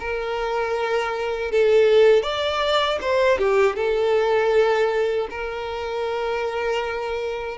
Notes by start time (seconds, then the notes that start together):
0.00 A#4
1.52 A4
2.23 D5
3.01 C5
3.39 G4
3.76 A4
5.31 A#4